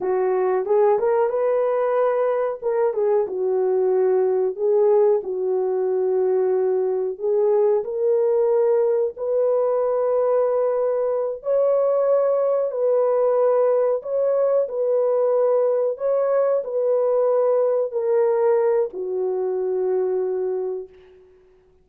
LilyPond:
\new Staff \with { instrumentName = "horn" } { \time 4/4 \tempo 4 = 92 fis'4 gis'8 ais'8 b'2 | ais'8 gis'8 fis'2 gis'4 | fis'2. gis'4 | ais'2 b'2~ |
b'4. cis''2 b'8~ | b'4. cis''4 b'4.~ | b'8 cis''4 b'2 ais'8~ | ais'4 fis'2. | }